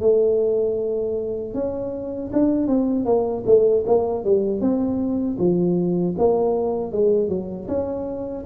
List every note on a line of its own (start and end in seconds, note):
0.00 1.54 A3
1.54 2.31 C#4
2.33 2.67 D4
2.67 3.05 C4
3.05 3.43 A#3
3.45 3.84 A3
3.86 4.24 A#3
4.24 4.60 G3
4.60 5.37 C4
5.38 6.15 F3
6.17 6.92 A#3
6.92 7.29 G#3
7.29 7.67 F#3
7.67 8.44 C#4